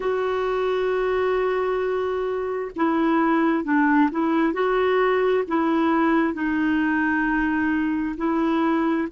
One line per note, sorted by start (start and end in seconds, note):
0.00 2.71 F#4
2.76 3.64 E4
3.64 4.09 D4
4.11 4.53 E4
4.53 5.44 F#4
5.48 6.33 E4
6.33 8.15 D#4
8.17 9.07 E4